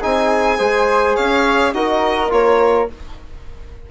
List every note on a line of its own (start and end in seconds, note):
0.00 0.60 C4
0.00 0.59 D#4
0.00 0.58 G#4
0.00 1.16 G#5
0.58 1.17 G#3
0.58 1.74 G#4
0.58 1.16 C5
1.16 1.74 C#4
1.16 1.74 C#5
1.16 1.74 F5
1.74 2.31 D#4
1.74 2.30 F#4
1.74 2.91 A#4
1.74 2.31 D#5
2.30 2.89 A#3
2.30 2.88 F4
2.30 2.89 C#5